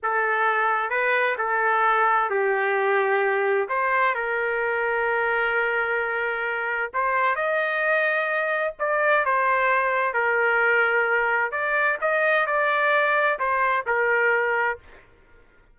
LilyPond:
\new Staff \with { instrumentName = "trumpet" } { \time 4/4 \tempo 4 = 130 a'2 b'4 a'4~ | a'4 g'2. | c''4 ais'2.~ | ais'2. c''4 |
dis''2. d''4 | c''2 ais'2~ | ais'4 d''4 dis''4 d''4~ | d''4 c''4 ais'2 | }